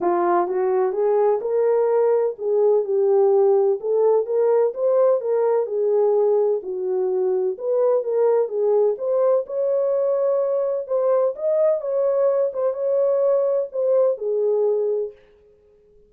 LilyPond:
\new Staff \with { instrumentName = "horn" } { \time 4/4 \tempo 4 = 127 f'4 fis'4 gis'4 ais'4~ | ais'4 gis'4 g'2 | a'4 ais'4 c''4 ais'4 | gis'2 fis'2 |
b'4 ais'4 gis'4 c''4 | cis''2. c''4 | dis''4 cis''4. c''8 cis''4~ | cis''4 c''4 gis'2 | }